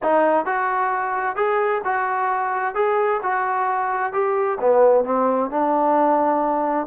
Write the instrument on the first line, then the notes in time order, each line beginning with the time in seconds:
trombone
0.02 D#4
0.45 F#4
1.35 G#4
1.84 F#4
2.74 G#4
3.22 F#4
4.12 G4
4.60 B3
5.04 C4
5.50 D4